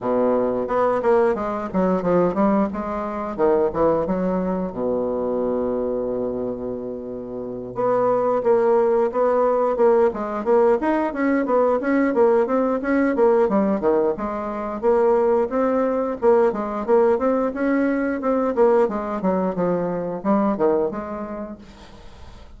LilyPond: \new Staff \with { instrumentName = "bassoon" } { \time 4/4 \tempo 4 = 89 b,4 b8 ais8 gis8 fis8 f8 g8 | gis4 dis8 e8 fis4 b,4~ | b,2.~ b,8 b8~ | b8 ais4 b4 ais8 gis8 ais8 |
dis'8 cis'8 b8 cis'8 ais8 c'8 cis'8 ais8 | g8 dis8 gis4 ais4 c'4 | ais8 gis8 ais8 c'8 cis'4 c'8 ais8 | gis8 fis8 f4 g8 dis8 gis4 | }